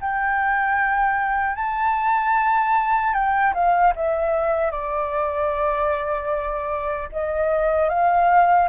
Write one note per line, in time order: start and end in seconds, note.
0.00 1.55 G5
1.55 3.13 A5
3.13 3.53 G5
3.53 3.93 F5
3.95 4.71 E5
4.71 7.08 D5
7.12 7.89 D#5
7.89 8.68 F5